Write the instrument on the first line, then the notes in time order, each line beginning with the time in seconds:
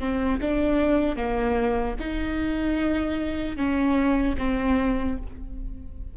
viola
0.00 C4
0.42 D4
1.17 A#3
2.00 D#4
3.57 C#4
4.39 C4